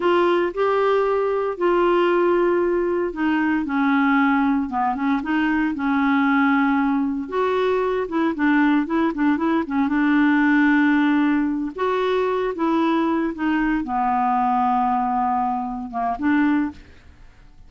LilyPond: \new Staff \with { instrumentName = "clarinet" } { \time 4/4 \tempo 4 = 115 f'4 g'2 f'4~ | f'2 dis'4 cis'4~ | cis'4 b8 cis'8 dis'4 cis'4~ | cis'2 fis'4. e'8 |
d'4 e'8 d'8 e'8 cis'8 d'4~ | d'2~ d'8 fis'4. | e'4. dis'4 b4.~ | b2~ b8 ais8 d'4 | }